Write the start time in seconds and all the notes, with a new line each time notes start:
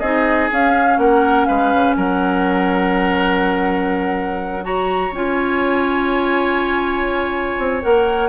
0.00 C4 D#4 G#4 D#5
0.51 C#4 F5
0.98 A#3 A#4 F#5
1.46 G#3 B4 F5
1.74 C#3
1.96 F#3 A#4 F#5
4.63 F#4 C#5 A#5
5.11 C#4 F4 G#5
7.59 C4
7.82 A#3 A#4 F#5